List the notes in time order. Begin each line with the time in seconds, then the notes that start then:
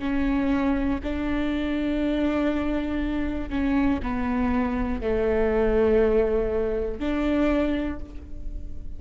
0.00 C#4
1.04 D4
3.50 C#4
4.03 B3
5.02 A3
7.00 D4